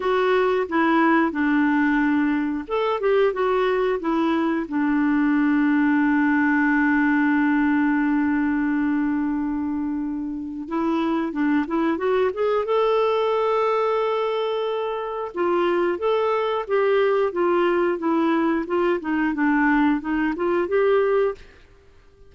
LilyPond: \new Staff \with { instrumentName = "clarinet" } { \time 4/4 \tempo 4 = 90 fis'4 e'4 d'2 | a'8 g'8 fis'4 e'4 d'4~ | d'1~ | d'1 |
e'4 d'8 e'8 fis'8 gis'8 a'4~ | a'2. f'4 | a'4 g'4 f'4 e'4 | f'8 dis'8 d'4 dis'8 f'8 g'4 | }